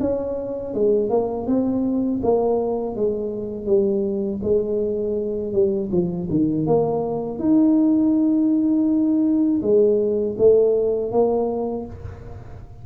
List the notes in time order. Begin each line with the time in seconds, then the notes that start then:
0.00 C#4
0.74 G#3
1.10 A#3
1.47 C4
2.23 A#3
2.96 G#3
3.66 G3
4.43 G#3
5.53 G3
5.92 F3
6.30 D#3
6.66 A#3
7.39 D#4
9.62 G#3
10.38 A3
11.11 A#3